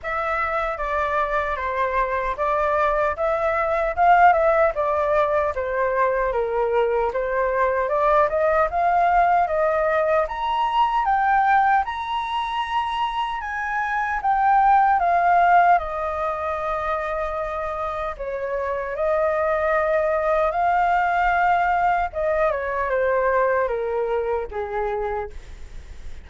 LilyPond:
\new Staff \with { instrumentName = "flute" } { \time 4/4 \tempo 4 = 76 e''4 d''4 c''4 d''4 | e''4 f''8 e''8 d''4 c''4 | ais'4 c''4 d''8 dis''8 f''4 | dis''4 ais''4 g''4 ais''4~ |
ais''4 gis''4 g''4 f''4 | dis''2. cis''4 | dis''2 f''2 | dis''8 cis''8 c''4 ais'4 gis'4 | }